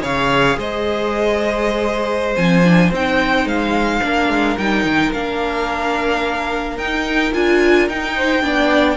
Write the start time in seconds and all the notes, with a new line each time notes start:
0.00 C#3 G#4 C#5 F5
0.57 G#3 C5 D#5
2.36 F3 C4 G#5
2.64 D4
2.91 C4 D#4 G5
3.45 G#3 F5
4.02 A#3 D4 A#4
4.29 G#3
4.57 G3 D#4 G5
4.85 D#3
5.12 A#3 D4 F5
6.77 D#4 G5
7.33 D4 F4 G#5
7.89 D#4 G5
8.16 C5
8.42 B3 D4 D5